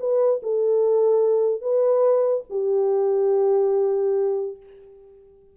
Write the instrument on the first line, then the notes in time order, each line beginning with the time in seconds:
horn
0.00 B4
0.43 A4
1.62 B4
2.50 G4